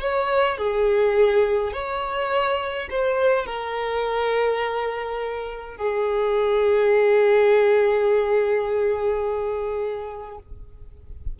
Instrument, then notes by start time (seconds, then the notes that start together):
violin
0.00 C#5
0.57 G#4
1.73 C#5
2.90 C5
3.46 A#4
5.76 G#4